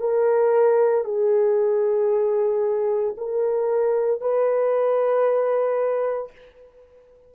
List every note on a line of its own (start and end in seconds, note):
0.00 1.05 A#4
1.05 3.15 G#4
3.17 4.21 A#4
4.21 6.32 B4